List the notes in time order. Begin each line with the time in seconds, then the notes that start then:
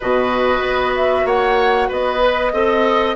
0.00 B2 F#4 B4 D#5
0.61 B3
0.96 E5
1.25 A#3 C#5 F#5
1.88 B3 B4 D#5
2.19 B4
2.53 C4 A4 D#5